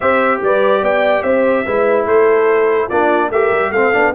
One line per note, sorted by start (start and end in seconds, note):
0.00 0.41 C4
0.00 1.66 G4
0.00 0.42 C5
0.00 0.40 E5
0.41 0.82 G3
0.41 0.82 B4
0.41 0.84 D5
0.82 1.23 B3
0.82 1.23 D5
0.82 1.23 G5
1.23 1.64 C4
1.23 1.64 C5
1.23 2.05 E5
1.64 2.05 G#3
1.64 2.90 E4
1.64 2.06 B4
2.05 2.88 A3
2.05 2.87 A4
2.05 2.89 C5
2.87 3.30 A#3
2.87 3.32 D4
2.87 3.29 F4
2.87 3.30 D5
3.30 3.50 A3
3.30 3.75 G4
3.30 3.72 A#4
3.30 3.72 E5
3.51 3.70 G3
3.70 3.91 A3
3.70 3.93 C4
3.70 4.14 A4
3.70 4.13 F5
3.93 4.14 B3
3.93 4.13 D4